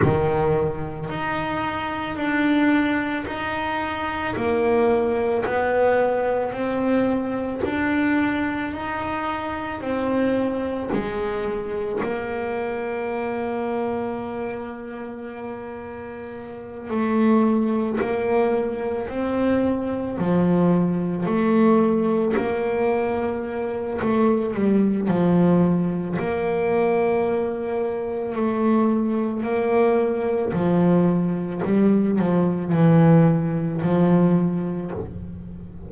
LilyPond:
\new Staff \with { instrumentName = "double bass" } { \time 4/4 \tempo 4 = 55 dis4 dis'4 d'4 dis'4 | ais4 b4 c'4 d'4 | dis'4 c'4 gis4 ais4~ | ais2.~ ais8 a8~ |
a8 ais4 c'4 f4 a8~ | a8 ais4. a8 g8 f4 | ais2 a4 ais4 | f4 g8 f8 e4 f4 | }